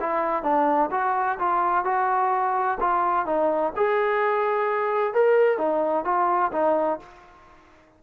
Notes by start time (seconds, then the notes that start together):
0.00 E4
0.43 D4
0.91 F#4
1.39 F4
1.84 F#4
2.80 F4
3.26 D#4
3.76 G#4
5.14 A#4
5.58 D#4
6.04 F4
6.52 D#4